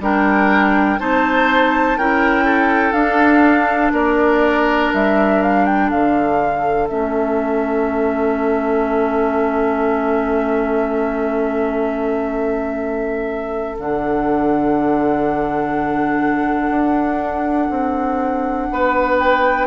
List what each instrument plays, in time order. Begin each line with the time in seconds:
0.00 bassoon G3, clarinet D4, oboe A#4, flute G5
0.99 bassoon C4, clarinet D#4, oboe C5, flute A5
1.97 bassoon C#4, clarinet E4, oboe A#4, flute G5
2.45 oboe A4
2.92 bassoon D4, clarinet D4, flute F5
3.92 bassoon A#3, oboe A#4, flute D5
4.93 bassoon G3, flute E5
5.42 flute F5
5.65 flute G5
5.87 bassoon D3, oboe A4, flute F5
6.88 bassoon A3, clarinet C#4, flute E5
13.78 bassoon D3, clarinet D4, flute F#5
16.70 bassoon D4
17.70 bassoon C4
18.71 bassoon B3, oboe B4
19.18 flute G5